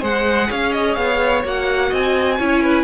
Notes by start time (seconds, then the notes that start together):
0.00 G#3 G#4 C5 F#5
0.49 C#4 C#5 F5
0.72 D#5
0.95 B3 F5
1.44 A#3 F#4 F#5
1.90 C4 D#5 G#5
2.39 C#4 E4 C#5
2.63 B4